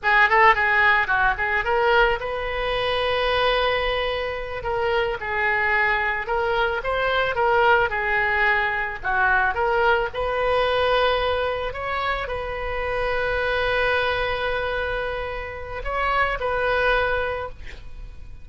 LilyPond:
\new Staff \with { instrumentName = "oboe" } { \time 4/4 \tempo 4 = 110 gis'8 a'8 gis'4 fis'8 gis'8 ais'4 | b'1~ | b'8 ais'4 gis'2 ais'8~ | ais'8 c''4 ais'4 gis'4.~ |
gis'8 fis'4 ais'4 b'4.~ | b'4. cis''4 b'4.~ | b'1~ | b'4 cis''4 b'2 | }